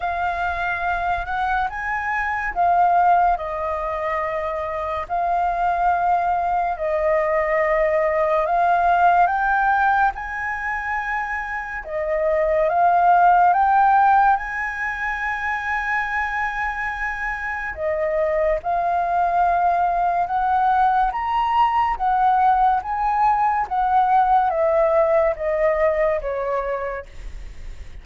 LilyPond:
\new Staff \with { instrumentName = "flute" } { \time 4/4 \tempo 4 = 71 f''4. fis''8 gis''4 f''4 | dis''2 f''2 | dis''2 f''4 g''4 | gis''2 dis''4 f''4 |
g''4 gis''2.~ | gis''4 dis''4 f''2 | fis''4 ais''4 fis''4 gis''4 | fis''4 e''4 dis''4 cis''4 | }